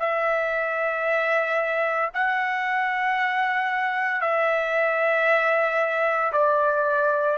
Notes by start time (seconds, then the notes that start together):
0.00 E5
2.14 F#5
4.22 E5
6.33 D5